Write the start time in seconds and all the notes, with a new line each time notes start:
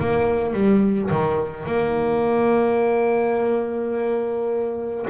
0.00 A#3
0.54 G3
1.10 D#3
1.66 A#3